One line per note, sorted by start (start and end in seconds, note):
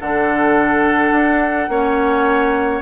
0.00 1.12 D3
0.00 1.70 D4
0.00 1.71 A4
0.00 2.83 F#5
1.12 1.68 D4
1.69 2.82 A#3
1.69 2.83 C#4
1.69 2.83 C#5